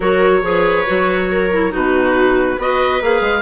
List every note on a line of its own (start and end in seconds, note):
0.00 0.42 F#3
0.00 0.42 F#4
0.00 0.43 A#4
0.00 1.73 C#5
0.42 0.85 F3
0.42 0.85 G#4
0.42 1.30 B4
0.86 1.74 F#3
0.86 1.50 F#4
1.30 1.72 A#4
1.51 1.70 E4
1.70 2.58 B2
1.70 2.56 D#4
1.70 2.58 F#4
1.70 2.61 B4
2.58 3.01 B3
2.58 3.01 F#4
2.58 3.42 B4
2.58 3.03 D#5
3.01 3.21 A#3
3.01 3.42 G#4
3.01 3.42 F5
3.21 3.42 G#3